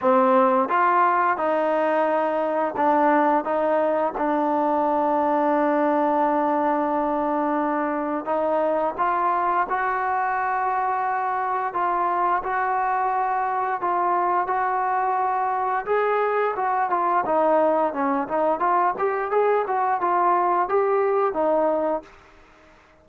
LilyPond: \new Staff \with { instrumentName = "trombone" } { \time 4/4 \tempo 4 = 87 c'4 f'4 dis'2 | d'4 dis'4 d'2~ | d'1 | dis'4 f'4 fis'2~ |
fis'4 f'4 fis'2 | f'4 fis'2 gis'4 | fis'8 f'8 dis'4 cis'8 dis'8 f'8 g'8 | gis'8 fis'8 f'4 g'4 dis'4 | }